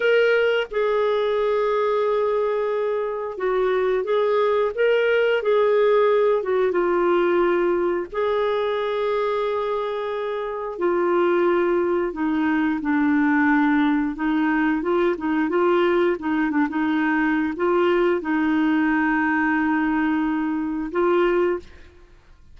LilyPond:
\new Staff \with { instrumentName = "clarinet" } { \time 4/4 \tempo 4 = 89 ais'4 gis'2.~ | gis'4 fis'4 gis'4 ais'4 | gis'4. fis'8 f'2 | gis'1 |
f'2 dis'4 d'4~ | d'4 dis'4 f'8 dis'8 f'4 | dis'8 d'16 dis'4~ dis'16 f'4 dis'4~ | dis'2. f'4 | }